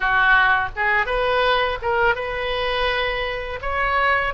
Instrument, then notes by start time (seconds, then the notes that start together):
oboe
0.00 F#4
0.76 G#4
1.06 B4
1.82 A#4
2.15 B4
3.61 C#5